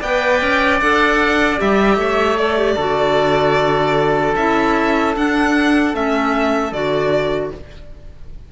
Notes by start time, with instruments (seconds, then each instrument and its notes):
0.00 cello B3, clarinet B4, oboe D5, violin G5
0.41 cello C#4
0.80 cello D4, clarinet A4, violin F#5
1.58 cello G3, clarinet G4, violin E5
1.96 cello A3, oboe C#5
2.38 clarinet A4, violin D5
2.58 clarinet G4
2.76 cello D3, clarinet F#4, oboe A4
4.36 cello C#4, clarinet E4, violin E5
5.15 clarinet D4, cello D4, violin F#5
5.92 cello A3, clarinet C#4, violin E5
6.72 cello D3, clarinet F#4, violin D5